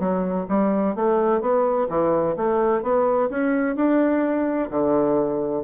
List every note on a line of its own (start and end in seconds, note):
0.00 0.47 F#3
0.49 0.96 G3
0.96 1.41 A3
1.41 1.88 B3
1.89 2.36 E3
2.37 2.83 A3
2.83 3.30 B3
3.30 3.76 C#4
3.76 4.70 D4
4.70 5.64 D3